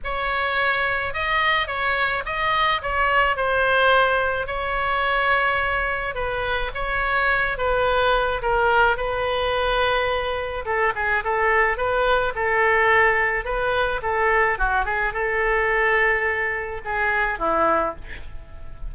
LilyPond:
\new Staff \with { instrumentName = "oboe" } { \time 4/4 \tempo 4 = 107 cis''2 dis''4 cis''4 | dis''4 cis''4 c''2 | cis''2. b'4 | cis''4. b'4. ais'4 |
b'2. a'8 gis'8 | a'4 b'4 a'2 | b'4 a'4 fis'8 gis'8 a'4~ | a'2 gis'4 e'4 | }